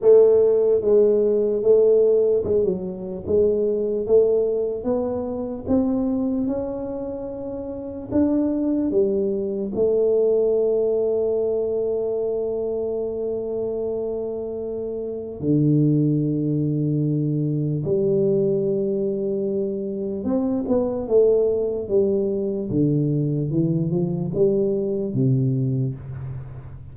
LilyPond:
\new Staff \with { instrumentName = "tuba" } { \time 4/4 \tempo 4 = 74 a4 gis4 a4 gis16 fis8. | gis4 a4 b4 c'4 | cis'2 d'4 g4 | a1~ |
a2. d4~ | d2 g2~ | g4 c'8 b8 a4 g4 | d4 e8 f8 g4 c4 | }